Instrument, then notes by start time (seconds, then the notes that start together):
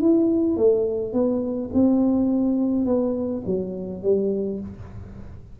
tuba
0.00 E4
0.56 A3
1.13 B3
1.73 C4
2.85 B3
3.45 F#3
4.02 G3